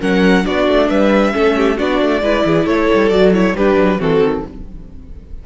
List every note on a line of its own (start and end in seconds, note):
0.00 0.46 F#3
0.00 0.43 C#4
0.00 0.45 A#4
0.00 0.45 F#5
0.43 0.68 B3
0.43 1.32 D4
0.43 0.88 F#4
0.43 0.89 D5
0.68 0.90 A3
0.88 1.34 G3
0.88 1.33 B4
0.88 1.78 E5
1.32 1.80 A3
1.32 1.77 C#4
1.32 1.56 A4
1.56 1.77 G4
1.77 2.01 B3
1.77 2.22 D4
1.77 2.22 F#4
1.77 2.66 D5
2.01 2.21 A3
2.21 2.43 G#3
2.21 3.11 E4
2.21 2.45 B4
2.45 2.65 E3
2.45 2.66 G#4
2.65 2.87 A3
2.65 3.54 A4
2.65 3.09 C#5
2.93 3.10 G3
3.09 3.54 F#3
3.09 3.33 F#4
3.09 3.31 D5
3.33 3.55 E4
3.33 3.56 C#5
3.54 3.76 G3
3.54 3.99 D4
3.54 3.99 G4
3.54 4.01 B4
3.76 3.98 F#3
3.99 4.20 E3
3.99 4.43 C4
3.99 4.43 F#4
3.99 4.46 A4
4.20 4.42 D#3